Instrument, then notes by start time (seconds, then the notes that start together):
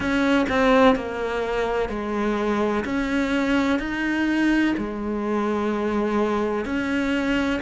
cello
0.00 C#4
0.49 C4
0.95 A#3
1.89 G#3
2.84 C#4
3.79 D#4
4.77 G#3
6.65 C#4